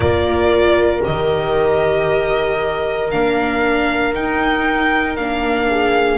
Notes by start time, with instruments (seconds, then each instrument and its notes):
0.00 double bass A#3, viola F4, horn A#4, violin D5
1.01 double bass D#3, viola G4, violin D#5
3.10 double bass A#3, viola D4, violin F5
4.14 viola D#4, double bass D#4, violin G5
5.16 double bass A#3, viola D4, violin F5
5.69 horn G#4